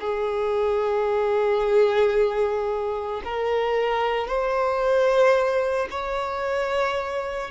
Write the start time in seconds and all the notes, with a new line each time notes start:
0.00 G#4
3.24 A#4
4.27 C5
5.90 C#5